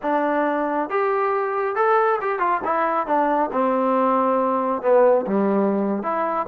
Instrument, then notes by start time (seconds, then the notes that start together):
trombone
0.02 D4
0.89 G4
1.75 A4
2.21 G4
2.39 F4
2.64 E4
3.06 D4
3.52 C4
4.82 B3
5.26 G3
6.02 E4